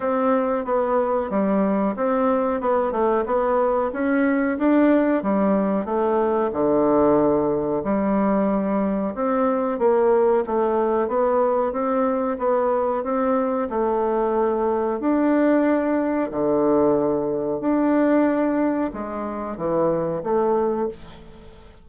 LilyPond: \new Staff \with { instrumentName = "bassoon" } { \time 4/4 \tempo 4 = 92 c'4 b4 g4 c'4 | b8 a8 b4 cis'4 d'4 | g4 a4 d2 | g2 c'4 ais4 |
a4 b4 c'4 b4 | c'4 a2 d'4~ | d'4 d2 d'4~ | d'4 gis4 e4 a4 | }